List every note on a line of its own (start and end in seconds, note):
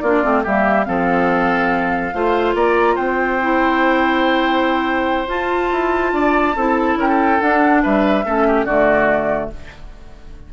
0.00 0.23 A#3
0.00 0.23 D4
0.00 0.43 F4
0.00 0.42 D5
0.23 0.45 A3
0.23 0.44 C4
0.43 0.87 G3
0.43 0.85 A#3
0.43 0.86 G4
0.43 0.85 E5
0.85 2.14 F3
0.85 2.12 C4
0.85 2.15 A4
0.85 2.54 F5
2.14 2.54 A3
2.14 3.41 F4
2.14 2.55 C5
2.54 2.97 A#3
2.54 2.95 D5
2.54 2.97 A#5
2.95 5.28 C4
2.95 6.12 C5
2.95 5.29 G5
3.41 5.28 E4
5.28 5.70 F4
5.28 6.55 F4
5.28 6.98 A5
5.72 6.13 E4
6.13 6.55 D4
6.13 6.56 D5
6.56 6.96 C4
6.56 7.40 E4
6.56 6.99 A4
6.96 7.38 C#4
6.96 7.08 A#4
6.96 7.41 G5
7.08 7.82 A4
7.40 8.25 D4
7.40 7.84 D4
7.40 7.83 F#5
7.83 8.25 G3
7.83 8.25 B4
7.83 8.65 E5
8.25 8.65 A3
8.25 8.68 C#4
8.25 8.47 A4
8.48 8.66 G4
8.65 9.49 D3
8.65 9.53 A3
8.65 9.50 F#4
8.65 9.50 D5